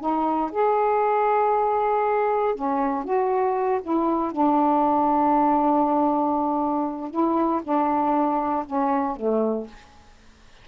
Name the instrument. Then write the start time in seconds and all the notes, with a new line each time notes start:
saxophone
0.00 D#4
0.52 G#4
2.55 C#4
3.04 F#4
3.82 E4
4.32 D4
7.10 E4
7.63 D4
8.66 C#4
9.16 A3